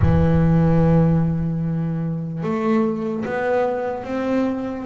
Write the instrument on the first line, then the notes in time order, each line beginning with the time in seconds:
double bass
0.01 E3
2.43 A3
3.25 B3
4.04 C4